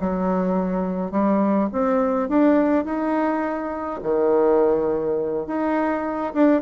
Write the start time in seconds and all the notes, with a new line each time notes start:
0.00 F#3
1.11 G3
1.72 C4
2.29 D4
2.85 D#4
4.03 D#3
5.47 D#4
6.34 D4